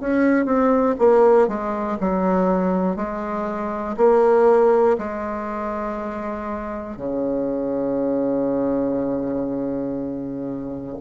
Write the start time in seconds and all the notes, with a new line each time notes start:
0.00 C#4
0.45 C4
0.98 A#3
1.48 G#3
2.00 F#3
2.96 G#3
3.97 A#3
4.98 G#3
6.97 C#3